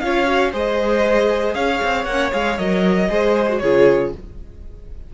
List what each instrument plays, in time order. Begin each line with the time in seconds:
0.00 cello C#4, viola F4, violin C#5 F5
0.26 viola F#4
0.52 cello G#3, viola G#4, violin C5 D#5
1.54 cello C#4, violin C#5 F5
1.83 cello C4
2.04 cello A#3, violin F#5
2.12 viola C#4
2.32 cello G#3, viola G#4, violin F5
2.58 cello F#3, viola A#4, violin D#5
3.09 cello G#3, viola G#4, violin C5
3.49 viola F#4
3.59 cello C#3, viola F4, violin G#4 C#5